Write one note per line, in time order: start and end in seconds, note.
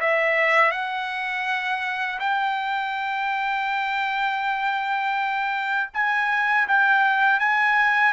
0.00 0.71 E5
0.71 2.19 F#5
2.20 5.90 G5
5.94 6.68 G#5
6.68 7.40 G5
7.40 8.13 G#5